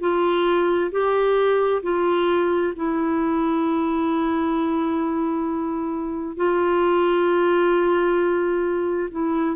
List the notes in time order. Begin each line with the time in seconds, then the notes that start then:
0.00 F4
0.91 G4
1.83 F4
2.76 E4
6.36 F4
9.11 E4